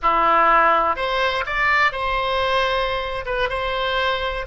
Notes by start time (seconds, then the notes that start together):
0.02 E4
0.96 C5
1.45 D5
1.92 C5
3.25 B4
3.49 C5